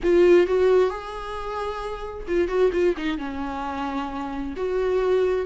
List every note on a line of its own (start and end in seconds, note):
0.03 0.46 F4
0.46 0.90 F#4
0.90 2.26 G#4
2.27 2.48 F4
2.48 2.70 F#4
2.72 2.95 F4
2.97 3.18 D#4
3.18 4.54 C#4
4.56 5.46 F#4